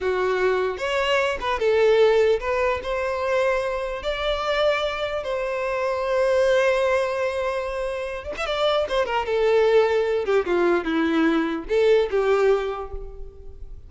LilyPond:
\new Staff \with { instrumentName = "violin" } { \time 4/4 \tempo 4 = 149 fis'2 cis''4. b'8 | a'2 b'4 c''4~ | c''2 d''2~ | d''4 c''2.~ |
c''1~ | c''8 d''16 e''16 d''4 c''8 ais'8 a'4~ | a'4. g'8 f'4 e'4~ | e'4 a'4 g'2 | }